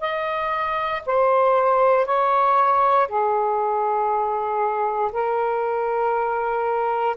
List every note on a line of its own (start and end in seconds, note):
0.00 1.02 D#5
1.05 2.05 C5
2.05 3.07 C#5
3.07 5.11 G#4
5.12 7.16 A#4